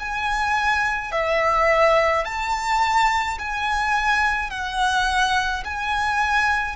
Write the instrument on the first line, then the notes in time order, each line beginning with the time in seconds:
violin
0.00 G#5
1.12 E5
2.25 A5
3.39 G#5
4.50 F#5
5.65 G#5